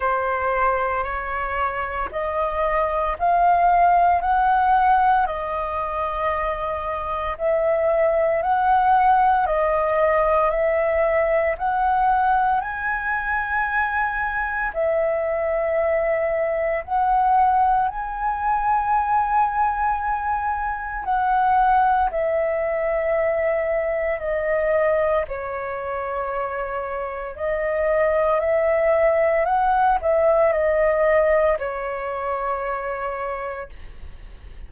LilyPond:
\new Staff \with { instrumentName = "flute" } { \time 4/4 \tempo 4 = 57 c''4 cis''4 dis''4 f''4 | fis''4 dis''2 e''4 | fis''4 dis''4 e''4 fis''4 | gis''2 e''2 |
fis''4 gis''2. | fis''4 e''2 dis''4 | cis''2 dis''4 e''4 | fis''8 e''8 dis''4 cis''2 | }